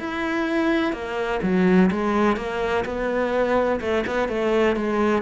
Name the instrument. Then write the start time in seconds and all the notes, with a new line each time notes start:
cello
0.00 E4
0.93 A#3
1.43 F#3
1.91 G#3
2.37 A#3
2.85 B3
3.81 A3
4.07 B3
4.29 A3
4.77 G#3